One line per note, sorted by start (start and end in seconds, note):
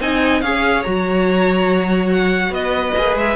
0.00 0.42 C4
0.00 0.44 D#4
0.00 0.44 D#5
0.00 0.42 G#5
0.42 0.84 C#4
0.42 0.85 G#4
0.42 2.55 C#5
0.42 0.84 F5
0.84 2.50 F#3
0.84 2.97 F#4
0.84 2.10 A#5
2.13 2.54 F#5
2.50 2.93 B3
2.50 3.37 B4
2.50 3.18 D#5
2.98 3.16 A#3
2.98 3.37 G#4
3.16 3.37 G#3
3.16 3.37 E5